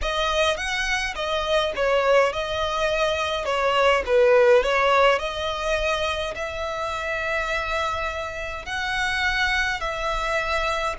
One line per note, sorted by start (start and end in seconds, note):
0.01 0.56 D#5
0.56 1.14 F#5
1.15 1.72 D#5
1.75 2.32 C#5
2.32 3.45 D#5
3.45 4.03 C#5
4.05 4.63 B4
4.63 5.18 C#5
5.18 6.34 D#5
6.35 8.65 E5
8.65 9.80 F#5
9.80 10.95 E5